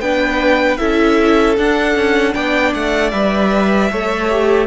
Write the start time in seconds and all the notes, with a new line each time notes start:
0.00 B3 D4 B4 G5
0.77 C#4 E4 A4 E5
1.57 D4 F#5
1.95 C#4
2.34 B3 D5 G5
2.74 A3 F#5
3.10 G3 B4 E5
3.91 A3 A4 C#5
4.30 G4